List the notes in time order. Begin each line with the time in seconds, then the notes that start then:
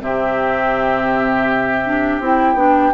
0.00 C3 C4 G4 E5
1.85 D4
2.20 C4 E4 G5
2.54 B3 D4